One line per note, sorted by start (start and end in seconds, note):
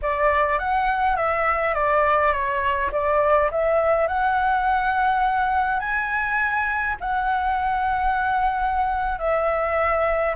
0.02 0.58 D5
0.58 1.16 F#5
1.16 1.74 E5
1.74 2.32 D5
2.32 2.90 C#5
2.92 3.50 D5
3.51 4.07 E5
4.07 5.79 F#5
5.79 6.96 G#5
7.00 9.18 F#5
9.18 10.35 E5